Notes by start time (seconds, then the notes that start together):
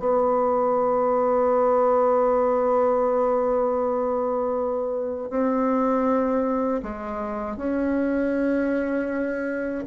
0.00 B3
5.30 C4
6.83 G#3
7.57 C#4